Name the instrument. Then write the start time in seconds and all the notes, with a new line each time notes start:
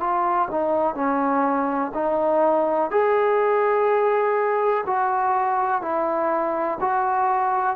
trombone
0.00 F4
0.51 D#4
0.95 C#4
1.94 D#4
2.91 G#4
4.87 F#4
5.82 E4
6.80 F#4